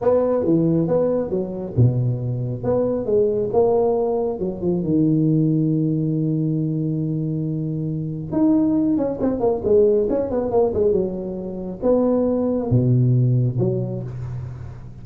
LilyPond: \new Staff \with { instrumentName = "tuba" } { \time 4/4 \tempo 4 = 137 b4 e4 b4 fis4 | b,2 b4 gis4 | ais2 fis8 f8 dis4~ | dis1~ |
dis2. dis'4~ | dis'8 cis'8 c'8 ais8 gis4 cis'8 b8 | ais8 gis8 fis2 b4~ | b4 b,2 fis4 | }